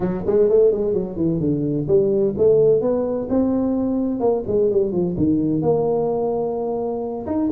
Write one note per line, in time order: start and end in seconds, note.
0.00 0.24 F#3
0.26 0.49 G#3
0.49 0.71 A3
0.71 0.93 G#3
0.93 1.16 F#3
1.16 1.39 E3
1.40 1.86 D3
1.87 2.34 G3
2.37 2.81 A3
2.81 3.28 B3
3.29 4.20 C4
4.20 4.43 A#3
4.47 4.70 G#3
4.70 4.91 G3
4.91 5.15 F3
5.17 5.62 D#3
5.62 7.26 A#3
7.26 7.50 D#4